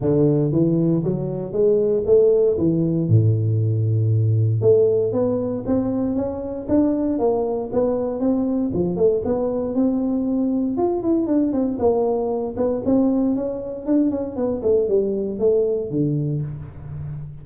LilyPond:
\new Staff \with { instrumentName = "tuba" } { \time 4/4 \tempo 4 = 117 d4 e4 fis4 gis4 | a4 e4 a,2~ | a,4 a4 b4 c'4 | cis'4 d'4 ais4 b4 |
c'4 f8 a8 b4 c'4~ | c'4 f'8 e'8 d'8 c'8 ais4~ | ais8 b8 c'4 cis'4 d'8 cis'8 | b8 a8 g4 a4 d4 | }